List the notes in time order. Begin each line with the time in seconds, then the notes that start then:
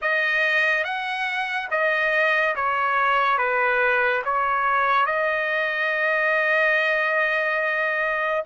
0.01 D#5
0.84 F#5
1.70 D#5
2.55 C#5
3.38 B4
4.24 C#5
5.06 D#5